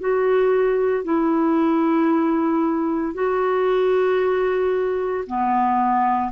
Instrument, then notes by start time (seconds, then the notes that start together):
clarinet
0.00 F#4
1.04 E4
3.14 F#4
5.27 B3